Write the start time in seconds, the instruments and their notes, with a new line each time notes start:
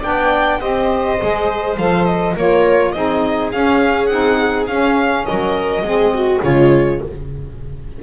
0.00 saxophone D4, viola D5, violin G5
0.07 double bass B3
0.60 double bass C4, saxophone G4, viola C5, violin D#5
1.19 double bass G#3, saxophone G#4
1.77 double bass F3, saxophone A4, violin F5
2.06 violin D#5
2.35 double bass A#3, saxophone F4, viola A#4, violin C#5
2.92 double bass C4, saxophone D#4, viola G#4, violin D#5
3.52 saxophone C#4, double bass C#4, violin F5
4.07 double bass C4, saxophone D#4, violin F#5
4.68 double bass C#4, saxophone C#4, violin F5
5.26 double bass F#3, viola A#4, violin D#5
5.82 double bass G#3, saxophone C4, viola G#4
6.14 viola F#4
6.44 double bass C#3, saxophone G#3, viola F4, violin C#5